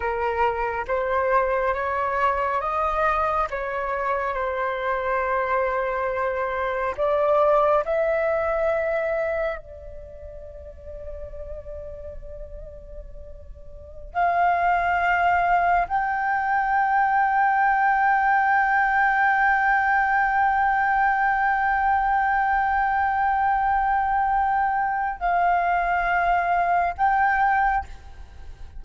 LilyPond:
\new Staff \with { instrumentName = "flute" } { \time 4/4 \tempo 4 = 69 ais'4 c''4 cis''4 dis''4 | cis''4 c''2. | d''4 e''2 d''4~ | d''1~ |
d''16 f''2 g''4.~ g''16~ | g''1~ | g''1~ | g''4 f''2 g''4 | }